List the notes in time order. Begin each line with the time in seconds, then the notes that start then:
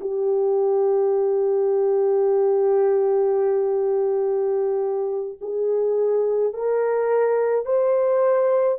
0.00 G4
5.41 G#4
6.53 A#4
7.65 C5